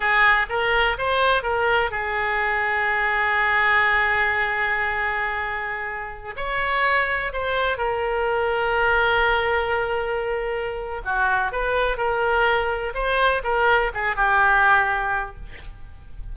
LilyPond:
\new Staff \with { instrumentName = "oboe" } { \time 4/4 \tempo 4 = 125 gis'4 ais'4 c''4 ais'4 | gis'1~ | gis'1~ | gis'4~ gis'16 cis''2 c''8.~ |
c''16 ais'2.~ ais'8.~ | ais'2. fis'4 | b'4 ais'2 c''4 | ais'4 gis'8 g'2~ g'8 | }